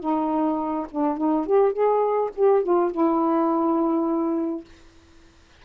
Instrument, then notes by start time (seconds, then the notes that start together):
saxophone
0.00 D#4
0.91 D4
1.17 D#4
1.46 G4
1.73 G#4
2.35 G4
2.63 F4
2.92 E4